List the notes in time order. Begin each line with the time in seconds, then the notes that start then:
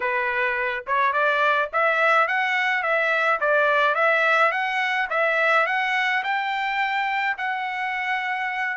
0.00 B4
0.86 C#5
1.12 D5
1.72 E5
2.27 F#5
2.83 E5
3.40 D5
3.95 E5
4.51 F#5
5.09 E5
5.66 F#5
6.23 G5
7.37 F#5